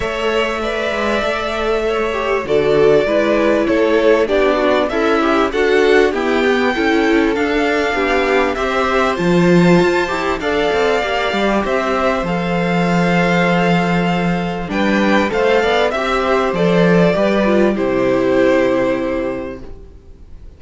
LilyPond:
<<
  \new Staff \with { instrumentName = "violin" } { \time 4/4 \tempo 4 = 98 e''1 | d''2 cis''4 d''4 | e''4 fis''4 g''2 | f''2 e''4 a''4~ |
a''4 f''2 e''4 | f''1 | g''4 f''4 e''4 d''4~ | d''4 c''2. | }
  \new Staff \with { instrumentName = "violin" } { \time 4/4 cis''4 d''2 cis''4 | a'4 b'4 a'4 g'8 fis'8 | e'4 a'4 g'4 a'4~ | a'4 g'4 c''2~ |
c''4 d''2 c''4~ | c''1 | b'4 c''8 d''8 e''8 c''4. | b'4 g'2. | }
  \new Staff \with { instrumentName = "viola" } { \time 4/4 a'4 b'4 a'4. g'8 | fis'4 e'2 d'4 | a'8 g'8 fis'4 b4 e'4 | d'2 g'4 f'4~ |
f'8 g'8 a'4 g'2 | a'1 | d'4 a'4 g'4 a'4 | g'8 f'8 e'2. | }
  \new Staff \with { instrumentName = "cello" } { \time 4/4 a4. gis8 a2 | d4 gis4 a4 b4 | cis'4 d'4 e'8 b8 cis'4 | d'4 b4 c'4 f4 |
f'8 e'8 d'8 c'8 ais8 g8 c'4 | f1 | g4 a8 b8 c'4 f4 | g4 c2. | }
>>